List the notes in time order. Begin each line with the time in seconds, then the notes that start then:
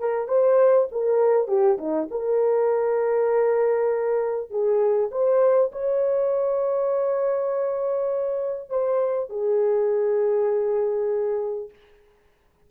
0.00 A#4
0.28 C5
0.92 A#4
1.48 G4
1.78 D#4
2.11 A#4
4.51 G#4
5.12 C5
5.72 C#5
8.70 C5
9.30 G#4